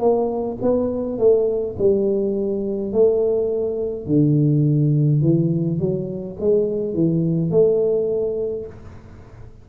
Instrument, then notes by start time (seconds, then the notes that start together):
tuba
0.00 A#3
0.62 B3
1.19 A3
1.79 G3
2.93 A3
4.07 D3
5.22 E3
5.80 F#3
6.40 G#3
6.94 E3
7.51 A3